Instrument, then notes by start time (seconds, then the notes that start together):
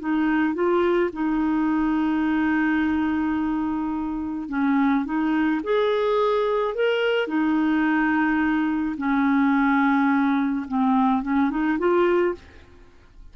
clarinet
0.00 D#4
0.54 F4
1.13 D#4
4.49 C#4
5.05 D#4
5.64 G#4
6.75 A#4
7.28 D#4
8.98 C#4
10.68 C4
11.23 C#4
11.51 D#4
11.79 F4